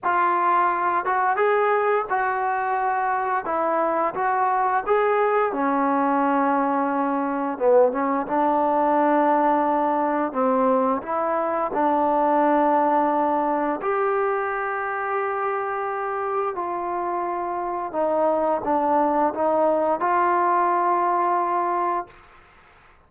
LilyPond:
\new Staff \with { instrumentName = "trombone" } { \time 4/4 \tempo 4 = 87 f'4. fis'8 gis'4 fis'4~ | fis'4 e'4 fis'4 gis'4 | cis'2. b8 cis'8 | d'2. c'4 |
e'4 d'2. | g'1 | f'2 dis'4 d'4 | dis'4 f'2. | }